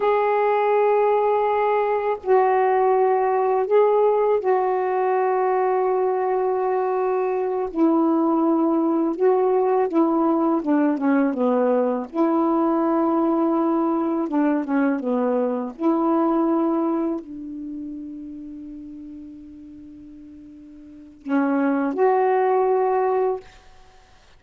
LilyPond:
\new Staff \with { instrumentName = "saxophone" } { \time 4/4 \tempo 4 = 82 gis'2. fis'4~ | fis'4 gis'4 fis'2~ | fis'2~ fis'8 e'4.~ | e'8 fis'4 e'4 d'8 cis'8 b8~ |
b8 e'2. d'8 | cis'8 b4 e'2 d'8~ | d'1~ | d'4 cis'4 fis'2 | }